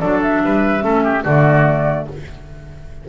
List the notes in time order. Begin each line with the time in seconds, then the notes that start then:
0.00 F#3 D4 A4 D5
0.22 E5
0.44 G3 B4
0.81 A3 C#4 A4
1.04 G4
1.24 D3 A3 F#4 D5